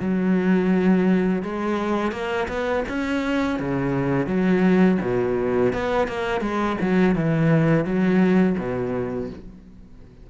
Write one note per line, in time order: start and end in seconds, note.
0.00 1.43 F#3
1.43 2.12 G#3
2.12 2.48 A#3
2.49 2.84 B3
2.89 3.60 C#4
3.60 4.27 C#3
4.27 4.98 F#3
5.02 5.73 B2
5.73 6.08 B3
6.08 6.42 A#3
6.42 6.77 G#3
6.81 7.16 F#3
7.16 7.85 E3
7.85 8.57 F#3
8.59 9.30 B2